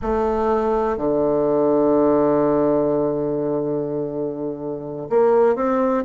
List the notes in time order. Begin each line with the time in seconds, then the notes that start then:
0.02 A3
0.97 D3
5.09 A#3
5.55 C4